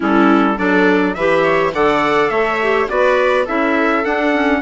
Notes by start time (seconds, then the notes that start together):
0.00 G3 C#4 E4 A4
0.57 F#3 D4 A4 D5
1.14 E3 G4 B4 E5
1.43 C#5
1.73 D3 A4 D5 F#5
2.29 A3 C#5 E5
2.62 G4
2.87 B3 F#4 B4 D5
3.45 C#4 E4 A4 E5
4.04 D4 F#5
4.33 C#4